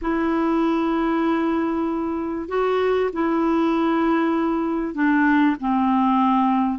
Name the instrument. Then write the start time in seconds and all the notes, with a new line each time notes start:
clarinet
0.01 E4
2.48 F#4
3.12 E4
4.94 D4
5.60 C4